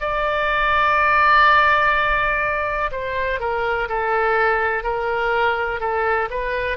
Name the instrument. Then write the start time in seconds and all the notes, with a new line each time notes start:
oboe
0.00 D5
2.91 C5
3.40 A#4
3.88 A4
4.83 A#4
5.80 A4
6.30 B4